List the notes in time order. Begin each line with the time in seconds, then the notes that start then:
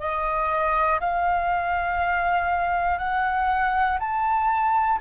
0.00 D#5
1.00 F5
2.99 F#5
4.00 A5